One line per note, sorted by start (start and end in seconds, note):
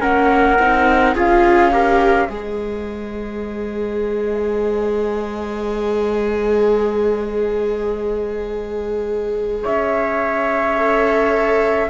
0.00 0.59 A#3
0.00 0.57 C#4
0.00 1.14 A#4
0.00 1.15 F#5
0.59 1.15 C4
0.59 1.15 D#4
1.15 2.29 C#4
1.15 1.71 F4
1.15 1.72 G#4
1.15 2.30 F5
1.71 2.28 G4
1.71 2.26 A#4
2.26 9.65 G#3
2.26 10.77 G#4
2.26 9.62 C5
2.26 9.64 D#5
9.63 11.89 C#4
9.63 11.89 C#5
9.63 11.89 E5
10.77 11.89 A4